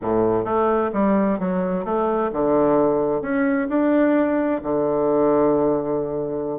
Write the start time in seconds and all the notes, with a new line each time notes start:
0.01 A2
0.44 A3
0.93 G3
1.39 F#3
1.84 A3
2.32 D3
3.21 C#4
3.69 D4
4.63 D3